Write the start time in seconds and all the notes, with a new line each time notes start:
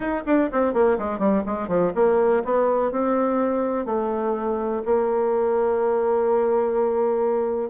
0.00 D#4
0.26 D4
0.51 C4
0.73 A#3
0.98 G#3
1.18 G3
1.45 G#3
1.68 F3
1.94 A#3
2.44 B3
2.91 C4
3.85 A3
4.85 A#3